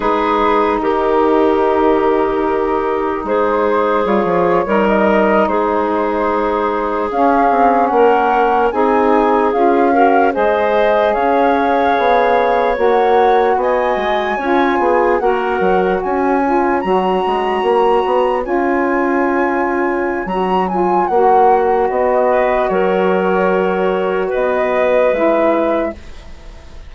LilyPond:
<<
  \new Staff \with { instrumentName = "flute" } { \time 4/4 \tempo 4 = 74 b'4 ais'2. | c''4 cis''4 dis''8. c''4~ c''16~ | c''8. f''4 fis''4 gis''4 f''16~ | f''8. dis''4 f''2 fis''16~ |
fis''8. gis''2 fis''4 gis''16~ | gis''8. ais''2 gis''4~ gis''16~ | gis''4 ais''8 gis''8 fis''4 dis''4 | cis''2 dis''4 e''4 | }
  \new Staff \with { instrumentName = "clarinet" } { \time 4/4 gis'4 g'2. | gis'4.~ gis'16 ais'4 gis'4~ gis'16~ | gis'4.~ gis'16 ais'4 gis'4~ gis'16~ | gis'16 ais'8 c''4 cis''2~ cis''16~ |
cis''8. dis''4 cis''8 gis'8 ais'4 cis''16~ | cis''1~ | cis''2.~ cis''8 b'8 | ais'2 b'2 | }
  \new Staff \with { instrumentName = "saxophone" } { \time 4/4 dis'1~ | dis'4 f'8. dis'2~ dis'16~ | dis'8. cis'2 dis'4 f'16~ | f'16 fis'8 gis'2. fis'16~ |
fis'4.~ fis'16 f'4 fis'4~ fis'16~ | fis'16 f'8 fis'2 f'4~ f'16~ | f'4 fis'8 f'8 fis'2~ | fis'2. e'4 | }
  \new Staff \with { instrumentName = "bassoon" } { \time 4/4 gis4 dis2. | gis4 g16 f8 g4 gis4~ gis16~ | gis8. cis'8 c'8 ais4 c'4 cis'16~ | cis'8. gis4 cis'4 b4 ais16~ |
ais8. b8 gis8 cis'8 b8 ais8 fis8 cis'16~ | cis'8. fis8 gis8 ais8 b8 cis'4~ cis'16~ | cis'4 fis4 ais4 b4 | fis2 b4 gis4 | }
>>